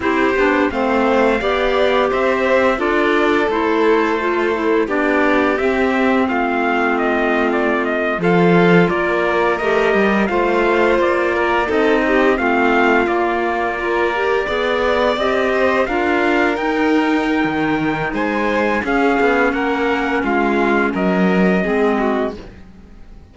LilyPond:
<<
  \new Staff \with { instrumentName = "trumpet" } { \time 4/4 \tempo 4 = 86 c''4 f''2 e''4 | d''4 c''2 d''4 | e''4 f''4 dis''8. d''8 dis''8 f''16~ | f''8. d''4 dis''4 f''4 d''16~ |
d''8. dis''4 f''4 d''4~ d''16~ | d''4.~ d''16 dis''4 f''4 g''16~ | g''2 gis''4 f''4 | fis''4 f''4 dis''2 | }
  \new Staff \with { instrumentName = "violin" } { \time 4/4 g'4 c''4 d''4 c''4 | a'2. g'4~ | g'4 f'2~ f'8. a'16~ | a'8. ais'2 c''4~ c''16~ |
c''16 ais'8 a'8 g'8 f'2 ais'16~ | ais'8. d''4. c''8 ais'4~ ais'16~ | ais'2 c''4 gis'4 | ais'4 f'4 ais'4 gis'8 fis'8 | }
  \new Staff \with { instrumentName = "clarinet" } { \time 4/4 e'8 d'8 c'4 g'2 | f'4 e'4 f'8 e'8 d'4 | c'2.~ c'8. f'16~ | f'4.~ f'16 g'4 f'4~ f'16~ |
f'8. dis'4 c'4 ais4 f'16~ | f'16 g'8 gis'4 g'4 f'4 dis'16~ | dis'2. cis'4~ | cis'2. c'4 | }
  \new Staff \with { instrumentName = "cello" } { \time 4/4 c'8 b8 a4 b4 c'4 | d'4 a2 b4 | c'4 a2~ a8. f16~ | f8. ais4 a8 g8 a4 ais16~ |
ais8. c'4 a4 ais4~ ais16~ | ais8. b4 c'4 d'4 dis'16~ | dis'4 dis4 gis4 cis'8 b8 | ais4 gis4 fis4 gis4 | }
>>